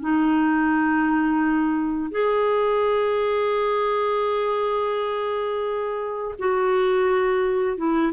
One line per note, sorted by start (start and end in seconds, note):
0.00 2.11 D#4
2.11 6.35 G#4
6.39 7.77 F#4
7.77 8.12 E4